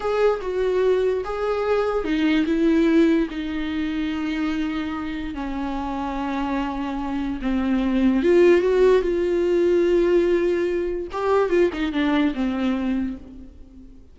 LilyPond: \new Staff \with { instrumentName = "viola" } { \time 4/4 \tempo 4 = 146 gis'4 fis'2 gis'4~ | gis'4 dis'4 e'2 | dis'1~ | dis'4 cis'2.~ |
cis'2 c'2 | f'4 fis'4 f'2~ | f'2. g'4 | f'8 dis'8 d'4 c'2 | }